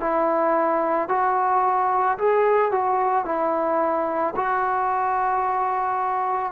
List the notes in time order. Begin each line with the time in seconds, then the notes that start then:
0.00 E4
1.09 F#4
2.18 G#4
2.71 F#4
3.25 E4
4.35 F#4